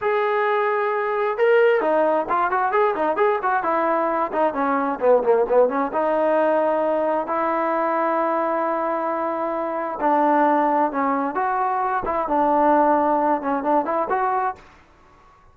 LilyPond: \new Staff \with { instrumentName = "trombone" } { \time 4/4 \tempo 4 = 132 gis'2. ais'4 | dis'4 f'8 fis'8 gis'8 dis'8 gis'8 fis'8 | e'4. dis'8 cis'4 b8 ais8 | b8 cis'8 dis'2. |
e'1~ | e'2 d'2 | cis'4 fis'4. e'8 d'4~ | d'4. cis'8 d'8 e'8 fis'4 | }